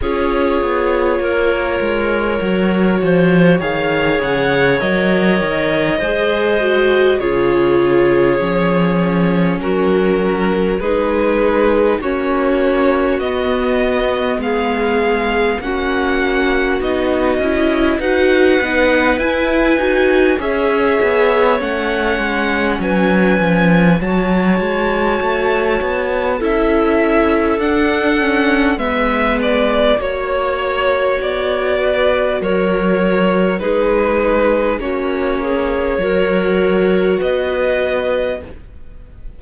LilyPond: <<
  \new Staff \with { instrumentName = "violin" } { \time 4/4 \tempo 4 = 50 cis''2. f''8 fis''8 | dis''2 cis''2 | ais'4 b'4 cis''4 dis''4 | f''4 fis''4 dis''4 fis''4 |
gis''4 e''4 fis''4 gis''4 | a''2 e''4 fis''4 | e''8 d''8 cis''4 d''4 cis''4 | b'4 cis''2 dis''4 | }
  \new Staff \with { instrumentName = "clarinet" } { \time 4/4 gis'4 ais'4. c''8 cis''4~ | cis''4 c''4 gis'2 | fis'4 gis'4 fis'2 | gis'4 fis'2 b'4~ |
b'4 cis''2 b'4 | cis''2 a'2 | b'4 cis''4. b'8 ais'4 | gis'4 fis'8 gis'8 ais'4 b'4 | }
  \new Staff \with { instrumentName = "viola" } { \time 4/4 f'2 fis'4 gis'4 | ais'4 gis'8 fis'8 f'4 cis'4~ | cis'4 dis'4 cis'4 b4~ | b4 cis'4 dis'8 e'8 fis'8 dis'8 |
e'8 fis'8 gis'4 cis'2 | fis'2 e'4 d'8 cis'8 | b4 fis'2. | dis'4 cis'4 fis'2 | }
  \new Staff \with { instrumentName = "cello" } { \time 4/4 cis'8 b8 ais8 gis8 fis8 f8 dis8 cis8 | fis8 dis8 gis4 cis4 f4 | fis4 gis4 ais4 b4 | gis4 ais4 b8 cis'8 dis'8 b8 |
e'8 dis'8 cis'8 b8 a8 gis8 fis8 f8 | fis8 gis8 a8 b8 cis'4 d'4 | gis4 ais4 b4 fis4 | gis4 ais4 fis4 b4 | }
>>